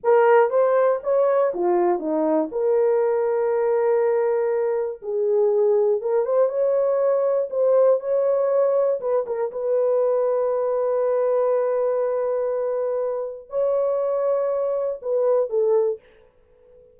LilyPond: \new Staff \with { instrumentName = "horn" } { \time 4/4 \tempo 4 = 120 ais'4 c''4 cis''4 f'4 | dis'4 ais'2.~ | ais'2 gis'2 | ais'8 c''8 cis''2 c''4 |
cis''2 b'8 ais'8 b'4~ | b'1~ | b'2. cis''4~ | cis''2 b'4 a'4 | }